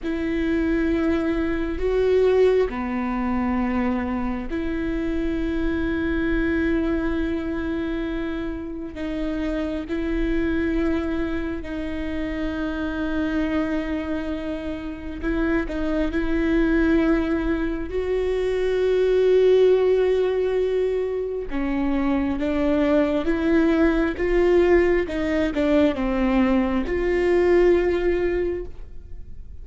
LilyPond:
\new Staff \with { instrumentName = "viola" } { \time 4/4 \tempo 4 = 67 e'2 fis'4 b4~ | b4 e'2.~ | e'2 dis'4 e'4~ | e'4 dis'2.~ |
dis'4 e'8 dis'8 e'2 | fis'1 | cis'4 d'4 e'4 f'4 | dis'8 d'8 c'4 f'2 | }